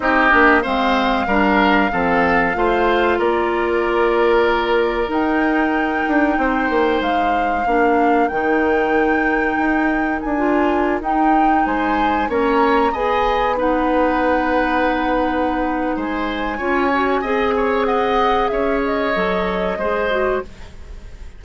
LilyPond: <<
  \new Staff \with { instrumentName = "flute" } { \time 4/4 \tempo 4 = 94 dis''4 f''2.~ | f''4 d''2. | g''2. f''4~ | f''4 g''2. |
gis''4~ gis''16 g''4 gis''4 ais''8.~ | ais''16 gis''4 fis''2~ fis''8.~ | fis''4 gis''2. | fis''4 e''8 dis''2~ dis''8 | }
  \new Staff \with { instrumentName = "oboe" } { \time 4/4 g'4 c''4 ais'4 a'4 | c''4 ais'2.~ | ais'2 c''2 | ais'1~ |
ais'2~ ais'16 c''4 cis''8.~ | cis''16 dis''4 b'2~ b'8.~ | b'4 c''4 cis''4 dis''8 cis''8 | dis''4 cis''2 c''4 | }
  \new Staff \with { instrumentName = "clarinet" } { \time 4/4 dis'8 d'8 c'4 d'4 c'4 | f'1 | dis'1 | d'4 dis'2.~ |
dis'16 f'4 dis'2 cis'8.~ | cis'16 gis'4 dis'2~ dis'8.~ | dis'2 f'8 fis'8 gis'4~ | gis'2 a'4 gis'8 fis'8 | }
  \new Staff \with { instrumentName = "bassoon" } { \time 4/4 c'8 ais8 gis4 g4 f4 | a4 ais2. | dis'4. d'8 c'8 ais8 gis4 | ais4 dis2 dis'4 |
d'4~ d'16 dis'4 gis4 ais8.~ | ais16 b2.~ b8.~ | b4 gis4 cis'4 c'4~ | c'4 cis'4 fis4 gis4 | }
>>